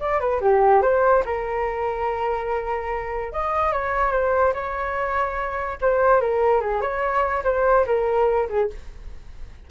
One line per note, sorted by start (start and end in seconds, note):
0.00 0.20 D5
0.20 0.40 B4
0.41 0.82 G4
0.82 1.23 C5
1.25 3.32 A#4
3.32 3.72 D#5
3.72 4.12 C#5
4.12 4.53 C5
4.54 5.78 C#5
5.81 6.21 C5
6.21 6.61 A#4
6.61 6.81 G#4
6.81 7.43 C#5
7.44 7.85 C5
7.86 8.48 A#4
8.49 8.70 G#4